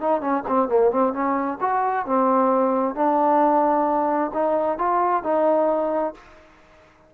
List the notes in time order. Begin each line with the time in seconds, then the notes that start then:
0.00 D#4
0.20 C#4
0.48 C4
0.68 A#3
0.91 C4
1.13 C#4
1.60 F#4
2.05 C4
2.95 D4
4.33 D#4
4.78 F4
5.23 D#4